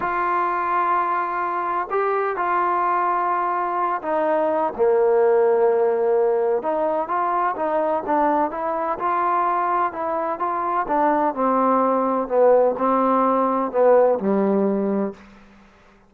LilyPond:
\new Staff \with { instrumentName = "trombone" } { \time 4/4 \tempo 4 = 127 f'1 | g'4 f'2.~ | f'8 dis'4. ais2~ | ais2 dis'4 f'4 |
dis'4 d'4 e'4 f'4~ | f'4 e'4 f'4 d'4 | c'2 b4 c'4~ | c'4 b4 g2 | }